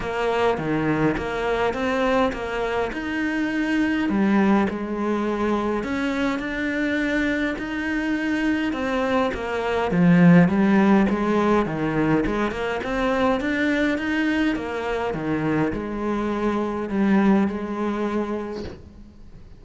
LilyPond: \new Staff \with { instrumentName = "cello" } { \time 4/4 \tempo 4 = 103 ais4 dis4 ais4 c'4 | ais4 dis'2 g4 | gis2 cis'4 d'4~ | d'4 dis'2 c'4 |
ais4 f4 g4 gis4 | dis4 gis8 ais8 c'4 d'4 | dis'4 ais4 dis4 gis4~ | gis4 g4 gis2 | }